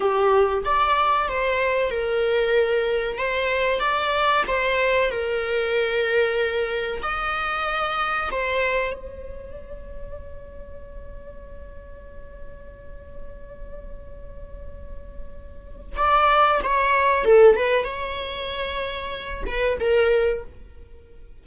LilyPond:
\new Staff \with { instrumentName = "viola" } { \time 4/4 \tempo 4 = 94 g'4 d''4 c''4 ais'4~ | ais'4 c''4 d''4 c''4 | ais'2. dis''4~ | dis''4 c''4 cis''2~ |
cis''1~ | cis''1~ | cis''4 d''4 cis''4 a'8 b'8 | cis''2~ cis''8 b'8 ais'4 | }